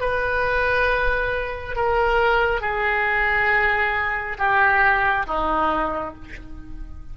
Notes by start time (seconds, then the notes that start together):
0.00 B4
1.76 A#4
2.61 G#4
4.38 G4
5.27 D#4